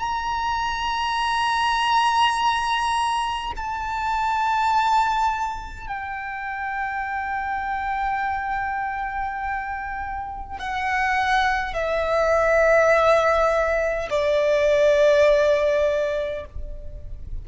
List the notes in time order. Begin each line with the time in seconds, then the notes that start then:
0.00 A#5
3.57 A5
5.88 G5
10.59 F#5
11.74 E5
14.11 D5